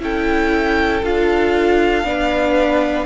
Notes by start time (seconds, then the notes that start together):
0.00 C#4 E4 A4 G5
1.03 D4 F4 F5
2.04 B3 D4 B4